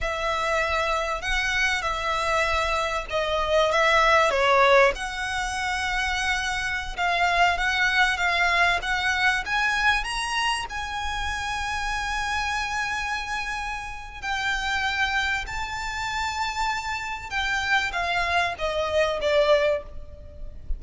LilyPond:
\new Staff \with { instrumentName = "violin" } { \time 4/4 \tempo 4 = 97 e''2 fis''4 e''4~ | e''4 dis''4 e''4 cis''4 | fis''2.~ fis''16 f''8.~ | f''16 fis''4 f''4 fis''4 gis''8.~ |
gis''16 ais''4 gis''2~ gis''8.~ | gis''2. g''4~ | g''4 a''2. | g''4 f''4 dis''4 d''4 | }